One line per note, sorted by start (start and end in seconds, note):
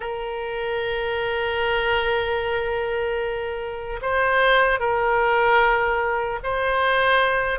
0.00 4.00 A#4
4.01 4.79 C5
4.79 6.39 A#4
6.43 7.59 C5